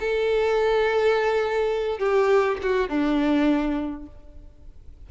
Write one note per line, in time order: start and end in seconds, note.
0.00 1.99 A4
1.99 2.58 G4
2.62 2.89 F#4
2.89 4.07 D4